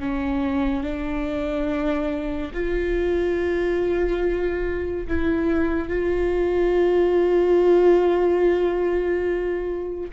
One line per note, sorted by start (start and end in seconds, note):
0.00 0.84 C#4
0.84 2.53 D4
2.54 5.08 F4
5.08 5.89 E4
5.89 10.11 F4